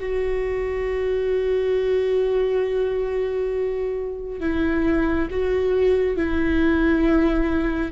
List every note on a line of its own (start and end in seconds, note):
0.00 4.40 F#4
4.40 5.29 E4
5.31 6.17 F#4
6.17 7.92 E4